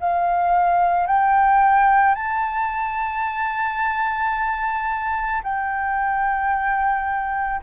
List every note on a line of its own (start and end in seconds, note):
0.00 1.07 F5
1.07 2.15 G5
2.15 5.42 A5
5.43 7.61 G5